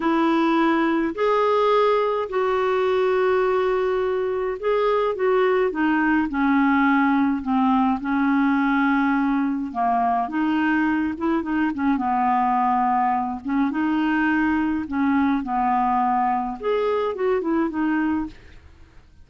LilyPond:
\new Staff \with { instrumentName = "clarinet" } { \time 4/4 \tempo 4 = 105 e'2 gis'2 | fis'1 | gis'4 fis'4 dis'4 cis'4~ | cis'4 c'4 cis'2~ |
cis'4 ais4 dis'4. e'8 | dis'8 cis'8 b2~ b8 cis'8 | dis'2 cis'4 b4~ | b4 gis'4 fis'8 e'8 dis'4 | }